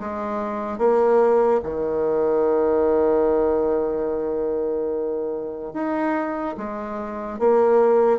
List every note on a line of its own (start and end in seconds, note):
0.00 0.78 G#3
0.78 1.61 A#3
1.63 5.74 D#3
5.74 6.56 D#4
6.58 7.39 G#3
7.39 8.19 A#3